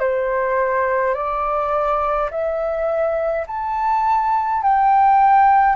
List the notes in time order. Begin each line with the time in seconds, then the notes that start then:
0.00 C5
1.15 D5
2.31 E5
3.47 A5
4.63 G5